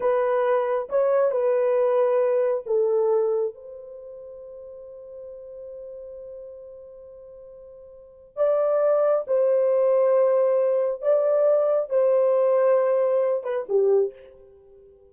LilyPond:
\new Staff \with { instrumentName = "horn" } { \time 4/4 \tempo 4 = 136 b'2 cis''4 b'4~ | b'2 a'2 | c''1~ | c''1~ |
c''2. d''4~ | d''4 c''2.~ | c''4 d''2 c''4~ | c''2~ c''8 b'8 g'4 | }